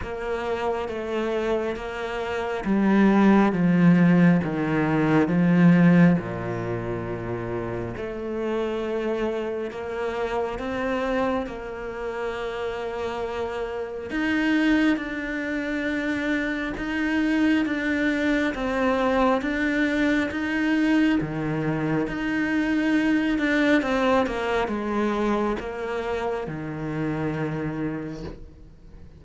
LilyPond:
\new Staff \with { instrumentName = "cello" } { \time 4/4 \tempo 4 = 68 ais4 a4 ais4 g4 | f4 dis4 f4 ais,4~ | ais,4 a2 ais4 | c'4 ais2. |
dis'4 d'2 dis'4 | d'4 c'4 d'4 dis'4 | dis4 dis'4. d'8 c'8 ais8 | gis4 ais4 dis2 | }